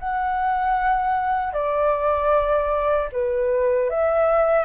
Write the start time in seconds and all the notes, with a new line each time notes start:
0.00 F#5
1.54 D5
3.12 B4
3.90 E5